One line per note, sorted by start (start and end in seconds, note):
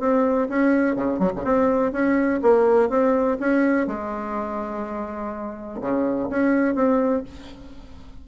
0.00 0.48 C4
0.49 0.96 C#4
0.96 1.19 C#3
1.19 1.32 F#3
1.36 1.45 C#3
1.45 1.92 C4
1.92 2.41 C#4
2.43 2.90 A#3
2.90 3.38 C4
3.40 3.87 C#4
3.87 5.81 G#3
5.81 6.29 C#3
6.30 6.75 C#4
6.75 7.24 C4